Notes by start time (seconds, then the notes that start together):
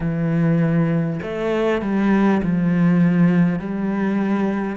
0.00 E3
1.22 A3
1.81 G3
2.43 F3
3.59 G3